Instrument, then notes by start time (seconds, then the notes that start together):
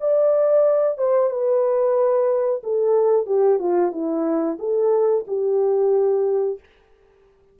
horn
0.00 D5
0.98 C5
1.30 B4
2.63 A4
3.26 G4
3.59 F4
3.92 E4
4.59 A4
5.27 G4